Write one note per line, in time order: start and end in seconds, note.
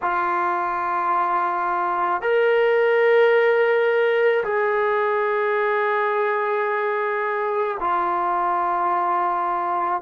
0.02 2.21 F4
2.21 4.43 A#4
4.44 7.77 G#4
7.80 10.01 F4